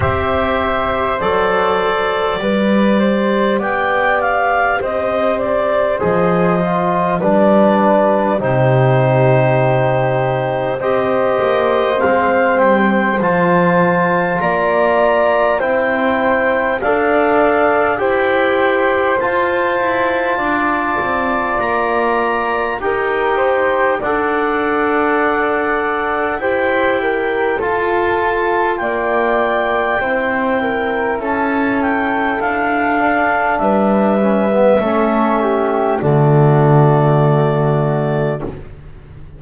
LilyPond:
<<
  \new Staff \with { instrumentName = "clarinet" } { \time 4/4 \tempo 4 = 50 e''4 d''2 g''8 f''8 | dis''8 d''8 dis''4 d''4 c''4~ | c''4 dis''4 f''8 g''8 a''4 | ais''4 g''4 f''4 g''4 |
a''2 ais''4 g''4 | fis''2 g''4 a''4 | g''2 a''8 g''8 f''4 | e''2 d''2 | }
  \new Staff \with { instrumentName = "flute" } { \time 4/4 c''2 b'8 c''8 d''4 | c''2 b'4 g'4~ | g'4 c''2. | d''4 c''4 d''4 c''4~ |
c''4 d''2 ais'8 c''8 | d''2 c''8 ais'8 a'4 | d''4 c''8 ais'8 a'2 | b'4 a'8 g'8 fis'2 | }
  \new Staff \with { instrumentName = "trombone" } { \time 4/4 g'4 a'4 g'2~ | g'4 gis'8 f'8 d'4 dis'4~ | dis'4 g'4 c'4 f'4~ | f'4 e'4 a'4 g'4 |
f'2. g'4 | a'2 g'4 f'4~ | f'4 e'2~ e'8 d'8~ | d'8 cis'16 b16 cis'4 a2 | }
  \new Staff \with { instrumentName = "double bass" } { \time 4/4 c'4 fis4 g4 b4 | c'4 f4 g4 c4~ | c4 c'8 ais8 gis8 g8 f4 | ais4 c'4 d'4 e'4 |
f'8 e'8 d'8 c'8 ais4 dis'4 | d'2 e'4 f'4 | ais4 c'4 cis'4 d'4 | g4 a4 d2 | }
>>